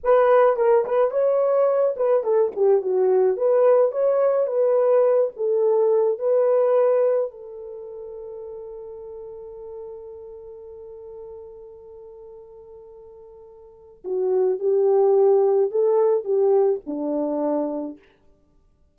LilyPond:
\new Staff \with { instrumentName = "horn" } { \time 4/4 \tempo 4 = 107 b'4 ais'8 b'8 cis''4. b'8 | a'8 g'8 fis'4 b'4 cis''4 | b'4. a'4. b'4~ | b'4 a'2.~ |
a'1~ | a'1~ | a'4 fis'4 g'2 | a'4 g'4 d'2 | }